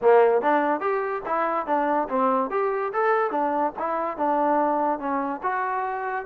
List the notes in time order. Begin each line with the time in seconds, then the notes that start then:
0.01 A#3
0.41 D4
0.80 G4
1.25 E4
1.66 D4
2.09 C4
2.50 G4
2.93 A4
3.30 D4
3.78 E4
4.17 D4
4.99 C#4
5.42 F#4